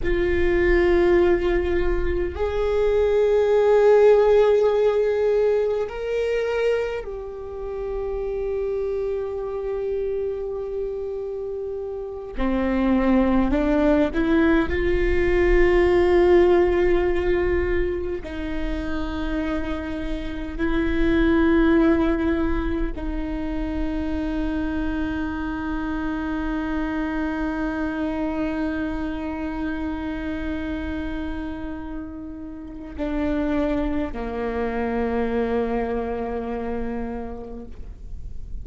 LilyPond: \new Staff \with { instrumentName = "viola" } { \time 4/4 \tempo 4 = 51 f'2 gis'2~ | gis'4 ais'4 g'2~ | g'2~ g'8 c'4 d'8 | e'8 f'2. dis'8~ |
dis'4. e'2 dis'8~ | dis'1~ | dis'1 | d'4 ais2. | }